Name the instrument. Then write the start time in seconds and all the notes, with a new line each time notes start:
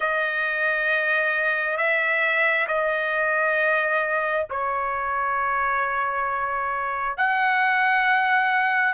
trumpet
0.00 D#5
1.77 E5
2.67 D#5
4.49 C#5
7.16 F#5